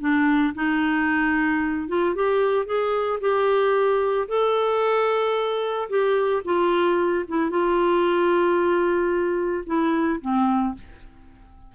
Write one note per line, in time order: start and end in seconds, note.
0.00 0.54 D4
0.55 1.88 D#4
1.88 2.15 F4
2.15 2.66 G4
2.66 3.19 G#4
3.20 4.28 G4
4.28 5.89 A4
5.89 6.43 G4
6.45 7.25 F4
7.28 7.50 E4
7.50 9.64 F4
9.66 10.20 E4
10.21 10.75 C4